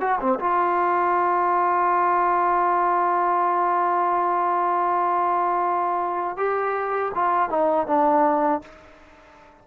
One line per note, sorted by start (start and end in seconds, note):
0.00 0.19 F#4
0.20 0.39 C4
0.39 6.37 F4
6.37 7.12 G4
7.15 7.50 F4
7.50 7.86 D#4
7.86 8.61 D4